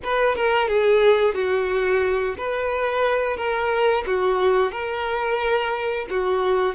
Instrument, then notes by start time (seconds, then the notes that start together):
violin
0.03 B4
0.35 A#4
0.67 G#4
1.34 F#4
2.37 B4
3.36 A#4
4.06 F#4
4.71 A#4
6.09 F#4